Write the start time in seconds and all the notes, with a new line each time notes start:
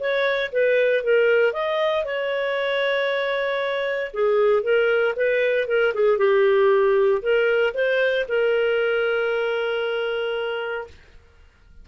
0.00 C#5
0.52 B4
1.04 A#4
1.53 D#5
2.05 C#5
4.14 G#4
4.63 A#4
5.16 B4
5.68 A#4
5.94 G#4
6.18 G4
7.22 A#4
7.74 C5
8.29 A#4